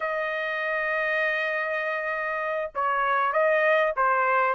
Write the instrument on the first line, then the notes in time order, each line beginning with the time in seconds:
trumpet
0.00 D#5
2.74 C#5
3.33 D#5
3.96 C5